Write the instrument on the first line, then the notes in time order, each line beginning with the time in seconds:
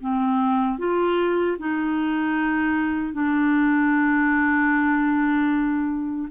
clarinet
0.00 C4
0.78 F4
1.59 D#4
3.13 D4